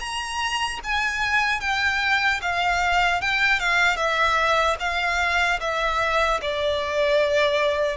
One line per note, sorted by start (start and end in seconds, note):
0.00 0.80 A#5
0.84 1.61 G#5
1.61 2.41 G5
2.42 3.21 F5
3.21 3.60 G5
3.60 3.97 F5
3.97 4.77 E5
4.80 5.60 F5
5.61 6.41 E5
6.42 7.97 D5